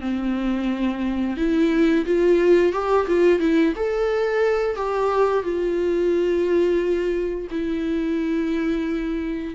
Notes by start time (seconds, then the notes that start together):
0.00 C4
1.36 E4
2.05 F4
2.72 G4
3.07 F4
3.39 E4
3.76 A4
4.76 G4
5.43 F4
7.50 E4